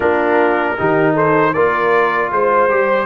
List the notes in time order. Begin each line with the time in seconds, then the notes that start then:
0.00 A#3 D4 F4 A#4
0.77 D#3 D#4 G4
1.14 A4 C5
1.53 A#3 F4 A#4 D5
2.31 G#3 C5
2.69 G3 G4